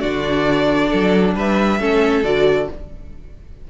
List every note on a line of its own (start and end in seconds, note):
0.00 0.92 D3
0.00 1.80 D4
0.00 0.89 F#4
0.00 1.33 D5
0.90 1.35 F#3
0.90 1.34 A4
1.35 1.80 G3
1.35 1.80 B4
1.35 2.24 E5
1.80 2.24 A3
1.80 2.24 C#4
1.80 2.70 A4
2.24 2.68 D3
2.24 2.68 F#4
2.24 2.68 D5